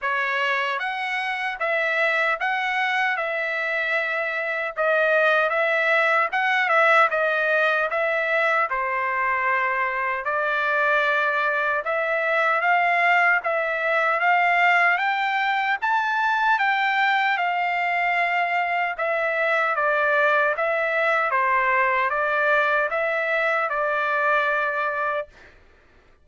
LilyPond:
\new Staff \with { instrumentName = "trumpet" } { \time 4/4 \tempo 4 = 76 cis''4 fis''4 e''4 fis''4 | e''2 dis''4 e''4 | fis''8 e''8 dis''4 e''4 c''4~ | c''4 d''2 e''4 |
f''4 e''4 f''4 g''4 | a''4 g''4 f''2 | e''4 d''4 e''4 c''4 | d''4 e''4 d''2 | }